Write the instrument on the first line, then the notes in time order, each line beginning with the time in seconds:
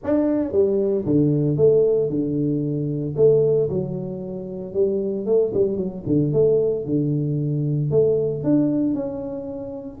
tuba
0.03 D4
0.52 G3
1.05 D3
1.56 A3
2.09 D3
3.16 A3
3.69 F#3
4.73 G3
5.26 A3
5.54 G3
5.76 F#3
6.06 D3
6.33 A3
6.85 D3
7.90 A3
8.43 D4
8.94 C#4